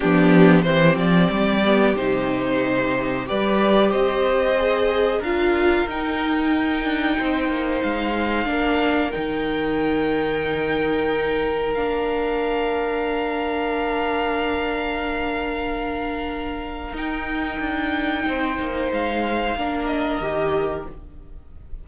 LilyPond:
<<
  \new Staff \with { instrumentName = "violin" } { \time 4/4 \tempo 4 = 92 g'4 c''8 d''4. c''4~ | c''4 d''4 dis''2 | f''4 g''2. | f''2 g''2~ |
g''2 f''2~ | f''1~ | f''2 g''2~ | g''4 f''4. dis''4. | }
  \new Staff \with { instrumentName = "violin" } { \time 4/4 d'4 g'2.~ | g'4 b'4 c''2 | ais'2. c''4~ | c''4 ais'2.~ |
ais'1~ | ais'1~ | ais'1 | c''2 ais'2 | }
  \new Staff \with { instrumentName = "viola" } { \time 4/4 b4 c'4. b8 dis'4~ | dis'4 g'2 gis'4 | f'4 dis'2.~ | dis'4 d'4 dis'2~ |
dis'2 d'2~ | d'1~ | d'2 dis'2~ | dis'2 d'4 g'4 | }
  \new Staff \with { instrumentName = "cello" } { \time 4/4 f4 e8 f8 g4 c4~ | c4 g4 c'2 | d'4 dis'4. d'8 c'8 ais8 | gis4 ais4 dis2~ |
dis2 ais2~ | ais1~ | ais2 dis'4 d'4 | c'8 ais8 gis4 ais4 dis4 | }
>>